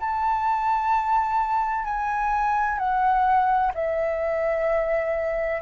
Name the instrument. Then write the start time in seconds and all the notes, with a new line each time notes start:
flute
0.00 A5
1.85 G#5
2.78 F#5
3.75 E5